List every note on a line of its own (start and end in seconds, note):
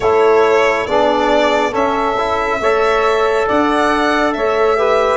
0.00 0.87 A3
0.00 0.88 E4
0.00 0.87 A4
0.00 0.86 C#5
0.86 1.74 B3
0.86 1.72 D4
0.86 1.70 G#4
0.86 1.73 D5
1.70 2.15 C#4
1.70 2.60 C#4
1.70 2.57 A4
1.70 3.48 E5
2.18 2.61 E4
2.60 3.47 A3
2.60 4.77 A4
2.60 3.47 C#5
3.47 4.36 D4
3.47 4.34 D5
3.47 4.33 F#5
4.33 5.17 A3
4.33 4.76 C#5
4.33 5.17 E5
4.76 5.17 G4
4.76 5.17 B4